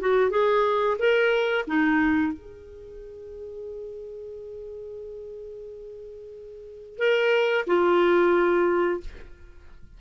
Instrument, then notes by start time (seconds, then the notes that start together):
clarinet
0.00 F#4
0.30 G#4
0.98 A#4
1.67 D#4
2.33 G#4
6.98 A#4
7.67 F4